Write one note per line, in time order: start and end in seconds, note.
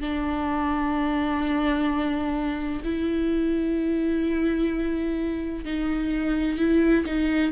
0.00 2.81 D4
2.83 5.65 E4
5.65 6.58 D#4
6.58 7.05 E4
7.05 7.52 D#4